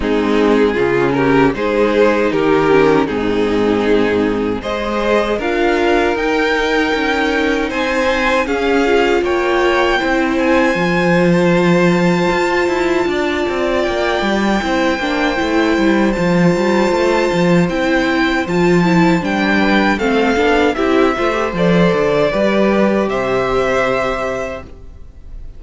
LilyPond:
<<
  \new Staff \with { instrumentName = "violin" } { \time 4/4 \tempo 4 = 78 gis'4. ais'8 c''4 ais'4 | gis'2 dis''4 f''4 | g''2 gis''4 f''4 | g''4. gis''4~ gis''16 a''4~ a''16~ |
a''2 g''2~ | g''4 a''2 g''4 | a''4 g''4 f''4 e''4 | d''2 e''2 | }
  \new Staff \with { instrumentName = "violin" } { \time 4/4 dis'4 f'8 g'8 gis'4 g'4 | dis'2 c''4 ais'4~ | ais'2 c''4 gis'4 | cis''4 c''2.~ |
c''4 d''2 c''4~ | c''1~ | c''4. b'8 a'4 g'8 c''8~ | c''4 b'4 c''2 | }
  \new Staff \with { instrumentName = "viola" } { \time 4/4 c'4 cis'4 dis'4. cis'8 | c'2 gis'4 f'4 | dis'2. cis'8 f'8~ | f'4 e'4 f'2~ |
f'2. e'8 d'8 | e'4 f'2 e'4 | f'8 e'8 d'4 c'8 d'8 e'8 f'16 g'16 | a'4 g'2. | }
  \new Staff \with { instrumentName = "cello" } { \time 4/4 gis4 cis4 gis4 dis4 | gis,2 gis4 d'4 | dis'4 cis'4 c'4 cis'4 | ais4 c'4 f2 |
f'8 e'8 d'8 c'8 ais8 g8 c'8 ais8 | a8 g8 f8 g8 a8 f8 c'4 | f4 g4 a8 b8 c'8 a8 | f8 d8 g4 c2 | }
>>